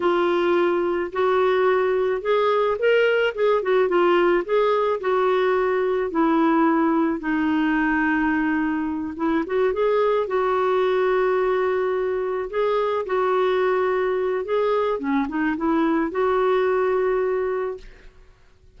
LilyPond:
\new Staff \with { instrumentName = "clarinet" } { \time 4/4 \tempo 4 = 108 f'2 fis'2 | gis'4 ais'4 gis'8 fis'8 f'4 | gis'4 fis'2 e'4~ | e'4 dis'2.~ |
dis'8 e'8 fis'8 gis'4 fis'4.~ | fis'2~ fis'8 gis'4 fis'8~ | fis'2 gis'4 cis'8 dis'8 | e'4 fis'2. | }